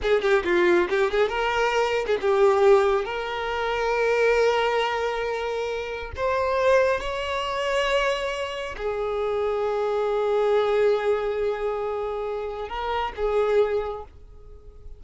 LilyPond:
\new Staff \with { instrumentName = "violin" } { \time 4/4 \tempo 4 = 137 gis'8 g'8 f'4 g'8 gis'8 ais'4~ | ais'8. gis'16 g'2 ais'4~ | ais'1~ | ais'2 c''2 |
cis''1 | gis'1~ | gis'1~ | gis'4 ais'4 gis'2 | }